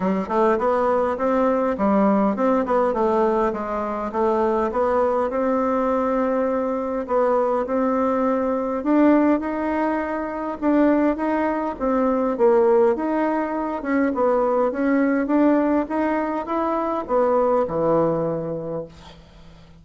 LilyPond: \new Staff \with { instrumentName = "bassoon" } { \time 4/4 \tempo 4 = 102 g8 a8 b4 c'4 g4 | c'8 b8 a4 gis4 a4 | b4 c'2. | b4 c'2 d'4 |
dis'2 d'4 dis'4 | c'4 ais4 dis'4. cis'8 | b4 cis'4 d'4 dis'4 | e'4 b4 e2 | }